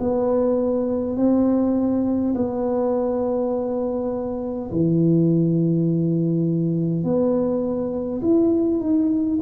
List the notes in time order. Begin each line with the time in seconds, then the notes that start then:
0.00 B3
1.17 C4
2.35 B3
4.72 E3
7.04 B3
8.22 E4
8.81 D#4